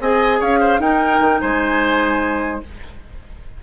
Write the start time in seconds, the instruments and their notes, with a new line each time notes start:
0.00 bassoon C4, clarinet G#4, oboe D#5, flute G#5
0.39 bassoon C#4, oboe C#5, flute F5
0.60 oboe C5
0.79 bassoon D#4, clarinet D#4, oboe A#4, flute G5
1.20 bassoon D#3
1.40 bassoon G#3, oboe C5, flute G#5